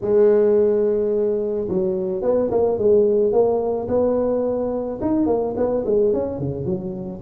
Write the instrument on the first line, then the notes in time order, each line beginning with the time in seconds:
tuba
0.01 G#3
1.68 F#3
2.22 B3
2.51 A#3
2.78 G#3
3.32 A#3
3.88 B3
5.01 D#4
5.26 A#3
5.56 B3
5.85 G#3
6.13 C#4
6.38 C#3
6.65 F#3